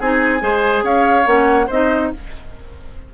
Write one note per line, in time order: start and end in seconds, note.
0.00 0.41 C4
0.00 0.40 D#4
0.00 0.42 G#4
0.00 0.85 G#5
0.40 0.83 G#3
0.40 1.24 G#4
0.40 0.84 C5
0.83 1.25 C#4
0.83 1.67 C#5
0.83 1.27 F5
1.24 1.68 A#3
1.24 1.66 C#4
1.24 1.70 F#5
1.67 2.12 C4
1.67 2.14 D#4
1.67 2.09 C5
1.67 2.13 D#5